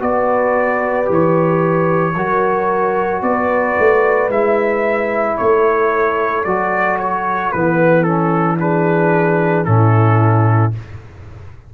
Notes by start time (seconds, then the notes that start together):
0.00 B3 F#4 B4 D5
1.05 E3 G4
1.13 C#5
2.16 F#3 F#4 A#4
3.22 B3 B4 D5
3.79 A3
4.29 G#3 E4 E5
5.37 A3 A4 C#5
6.44 F#3 F#4 D5
6.99 C#5
7.52 E3 B3 B4
8.04 C#4 A4
8.59 D4 G#4 B4
9.65 A2 C#4 E4 A4